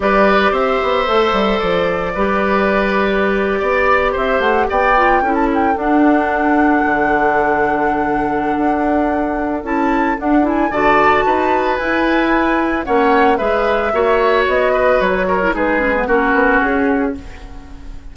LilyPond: <<
  \new Staff \with { instrumentName = "flute" } { \time 4/4 \tempo 4 = 112 d''4 e''2 d''4~ | d''2.~ d''8. e''16~ | e''16 fis''8 g''4~ g''16 a''16 g''8 fis''4~ fis''16~ | fis''1~ |
fis''2 a''4 fis''8 gis''8 | a''2 gis''2 | fis''4 e''2 dis''4 | cis''4 b'4 ais'4 gis'4 | }
  \new Staff \with { instrumentName = "oboe" } { \time 4/4 b'4 c''2. | b'2~ b'8. d''4 c''16~ | c''8. d''4 a'2~ a'16~ | a'1~ |
a'1 | d''4 b'2. | cis''4 b'4 cis''4. b'8~ | b'8 ais'8 gis'4 fis'2 | }
  \new Staff \with { instrumentName = "clarinet" } { \time 4/4 g'2 a'2 | g'1~ | g'4~ g'16 f'8 e'4 d'4~ d'16~ | d'1~ |
d'2 e'4 d'8 e'8 | fis'2 e'2 | cis'4 gis'4 fis'2~ | fis'8. e'16 dis'8 cis'16 b16 cis'2 | }
  \new Staff \with { instrumentName = "bassoon" } { \time 4/4 g4 c'8 b8 a8 g8 f4 | g2~ g8. b4 c'16~ | c'16 a8 b4 cis'4 d'4~ d'16~ | d'8. d2.~ d16 |
d'2 cis'4 d'4 | d4 dis'4 e'2 | ais4 gis4 ais4 b4 | fis4 gis4 ais8 b8 cis'4 | }
>>